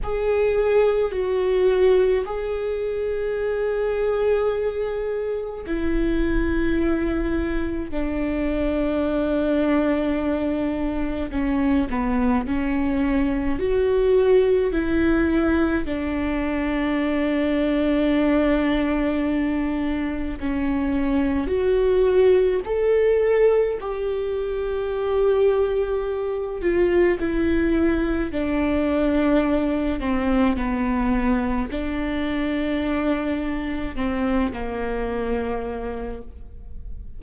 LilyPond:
\new Staff \with { instrumentName = "viola" } { \time 4/4 \tempo 4 = 53 gis'4 fis'4 gis'2~ | gis'4 e'2 d'4~ | d'2 cis'8 b8 cis'4 | fis'4 e'4 d'2~ |
d'2 cis'4 fis'4 | a'4 g'2~ g'8 f'8 | e'4 d'4. c'8 b4 | d'2 c'8 ais4. | }